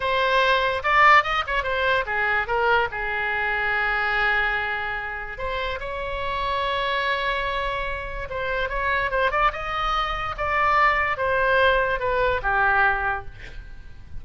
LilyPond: \new Staff \with { instrumentName = "oboe" } { \time 4/4 \tempo 4 = 145 c''2 d''4 dis''8 cis''8 | c''4 gis'4 ais'4 gis'4~ | gis'1~ | gis'4 c''4 cis''2~ |
cis''1 | c''4 cis''4 c''8 d''8 dis''4~ | dis''4 d''2 c''4~ | c''4 b'4 g'2 | }